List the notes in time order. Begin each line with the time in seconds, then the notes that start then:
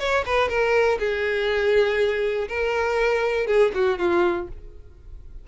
0.00 C#5
0.26 B4
0.49 A#4
1.00 G#4
2.49 A#4
3.47 G#4
3.75 F#4
3.99 F4